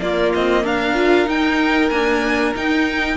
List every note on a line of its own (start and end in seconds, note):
0.00 0.33 A#3
0.00 0.94 A#3
0.00 0.63 F4
0.00 0.32 D5
0.34 0.63 C4
0.34 0.65 D#5
0.63 1.26 D4
0.63 3.17 A#4
0.63 1.28 F5
0.94 1.25 F4
1.25 1.88 D#4
1.25 1.90 D#4
1.25 1.89 G5
1.89 2.54 A#3
1.89 2.55 D4
1.89 2.53 G#5
2.55 3.17 D#4
2.55 3.17 G5